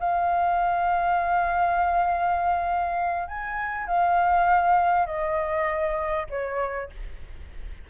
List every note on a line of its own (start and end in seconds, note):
0.00 3.28 F5
3.28 3.87 G#5
3.87 5.06 F5
5.06 6.26 D#5
6.30 6.90 C#5